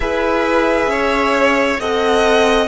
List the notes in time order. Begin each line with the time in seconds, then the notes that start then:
0.00 E4 G#4 B4 E5
0.87 C#4 C#5
1.79 C4 A4 D#5 F#5